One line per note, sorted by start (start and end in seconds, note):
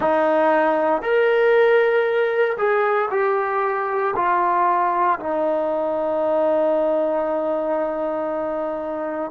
0.00 1.02 D#4
1.02 2.57 A#4
2.57 3.09 G#4
3.10 4.14 G4
4.16 5.19 F4
5.19 9.31 D#4